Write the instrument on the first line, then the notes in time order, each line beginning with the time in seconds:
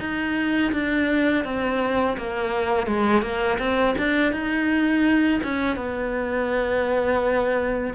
cello
0.00 D#4
0.73 D4
1.45 C4
2.18 A#3
2.87 G#3
3.22 A#3
3.59 C4
3.98 D4
4.33 D#4
5.43 C#4
5.77 B3